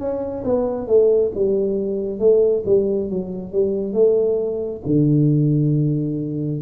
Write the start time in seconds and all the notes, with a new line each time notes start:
0.00 C#4
0.45 B3
0.88 A3
1.35 G3
2.19 A3
2.66 G3
3.10 F#3
3.53 G3
3.93 A3
4.86 D3